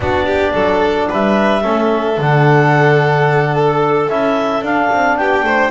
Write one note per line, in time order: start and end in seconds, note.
0.00 0.53 B3
0.00 1.62 D4
0.00 0.25 F#4
0.00 1.09 D5
0.25 0.53 G4
0.53 1.08 F#3
0.53 1.08 A4
1.09 1.64 G3
1.09 1.62 B4
1.09 2.21 E5
1.62 2.17 A3
1.62 2.17 C#4
1.62 5.17 A4
2.17 4.08 D3
2.17 4.09 D4
2.17 3.56 F#5
3.56 4.09 A4
4.09 4.61 C#4
4.09 4.63 E4
4.09 4.64 E5
4.61 4.89 D4
4.61 5.71 D4
4.61 5.17 F5
4.92 5.18 C4
5.17 5.42 B3
5.17 5.46 G4
5.17 5.71 G5
5.42 5.69 A3
5.42 5.71 C5